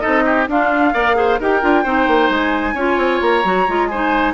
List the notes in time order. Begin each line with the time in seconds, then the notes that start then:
0.00 D#4 A4 D#5
0.06 C4
0.25 G4
0.47 D4 F4 F5
0.93 A#3 A#4 D5
1.14 G#4 C5
1.39 D#4 G4 A#4 G5
1.61 D4 F4
1.83 C4 D#4 C5
2.07 A#3
2.29 G#3 G#5
2.73 C#4 F4 C#5
2.97 C4
3.21 A#3 A#5
3.44 F#3 F#4
3.67 G#3 F4
3.87 D#4 C5 G#5